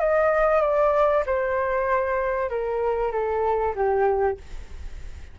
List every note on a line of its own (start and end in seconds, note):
0.00 0.62 D#5
0.62 1.24 D5
1.26 2.50 C5
2.50 3.12 A#4
3.12 3.75 A4
3.76 4.38 G4